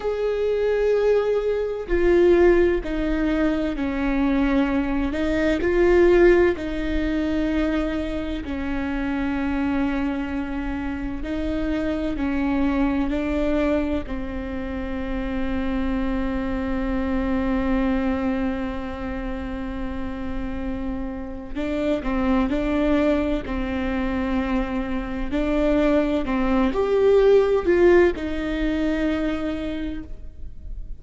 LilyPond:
\new Staff \with { instrumentName = "viola" } { \time 4/4 \tempo 4 = 64 gis'2 f'4 dis'4 | cis'4. dis'8 f'4 dis'4~ | dis'4 cis'2. | dis'4 cis'4 d'4 c'4~ |
c'1~ | c'2. d'8 c'8 | d'4 c'2 d'4 | c'8 g'4 f'8 dis'2 | }